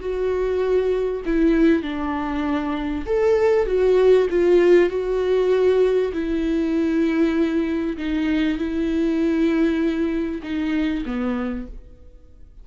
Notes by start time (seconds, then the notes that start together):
0.00 F#4
1.26 E4
1.82 D4
3.06 A4
3.66 F#4
4.30 F4
4.90 F#4
6.13 E4
7.97 D#4
8.58 E4
10.43 D#4
11.06 B3